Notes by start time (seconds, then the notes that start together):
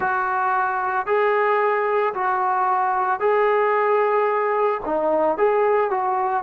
0.00 F#4
1.06 G#4
2.14 F#4
3.19 G#4
4.85 D#4
5.37 G#4
5.90 F#4